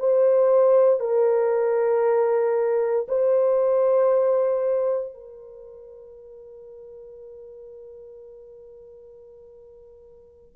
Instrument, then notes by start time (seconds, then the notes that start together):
horn
0.00 C5
1.00 A#4
3.08 C5
5.14 A#4